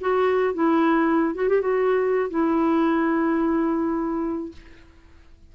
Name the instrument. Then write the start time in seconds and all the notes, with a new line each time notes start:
clarinet
0.00 F#4
0.54 E4
1.35 F#4
1.48 G4
1.61 F#4
2.30 E4